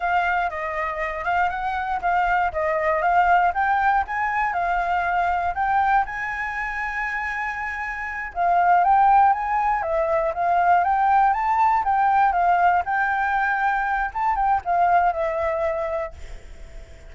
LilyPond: \new Staff \with { instrumentName = "flute" } { \time 4/4 \tempo 4 = 119 f''4 dis''4. f''8 fis''4 | f''4 dis''4 f''4 g''4 | gis''4 f''2 g''4 | gis''1~ |
gis''8 f''4 g''4 gis''4 e''8~ | e''8 f''4 g''4 a''4 g''8~ | g''8 f''4 g''2~ g''8 | a''8 g''8 f''4 e''2 | }